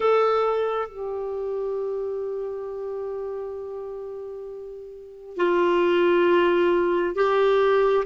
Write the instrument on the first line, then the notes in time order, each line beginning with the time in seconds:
clarinet
0.00 A4
0.89 G4
5.36 F4
7.15 G4